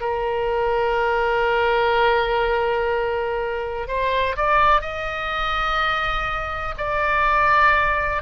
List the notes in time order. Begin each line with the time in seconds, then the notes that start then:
0.00 A#4
3.88 C5
4.36 D5
4.81 D#5
6.77 D5